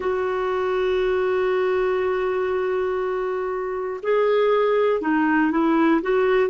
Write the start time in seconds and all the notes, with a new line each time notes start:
0.00 F#4
4.02 G#4
5.00 D#4
5.50 E4
6.02 F#4